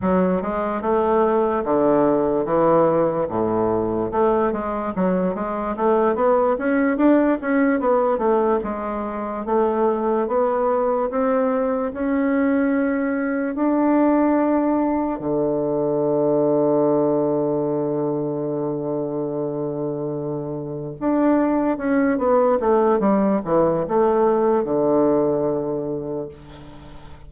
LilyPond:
\new Staff \with { instrumentName = "bassoon" } { \time 4/4 \tempo 4 = 73 fis8 gis8 a4 d4 e4 | a,4 a8 gis8 fis8 gis8 a8 b8 | cis'8 d'8 cis'8 b8 a8 gis4 a8~ | a8 b4 c'4 cis'4.~ |
cis'8 d'2 d4.~ | d1~ | d4. d'4 cis'8 b8 a8 | g8 e8 a4 d2 | }